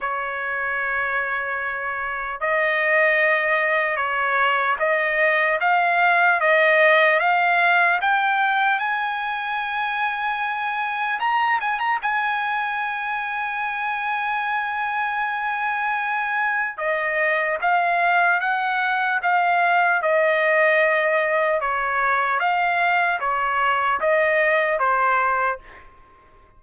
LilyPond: \new Staff \with { instrumentName = "trumpet" } { \time 4/4 \tempo 4 = 75 cis''2. dis''4~ | dis''4 cis''4 dis''4 f''4 | dis''4 f''4 g''4 gis''4~ | gis''2 ais''8 gis''16 ais''16 gis''4~ |
gis''1~ | gis''4 dis''4 f''4 fis''4 | f''4 dis''2 cis''4 | f''4 cis''4 dis''4 c''4 | }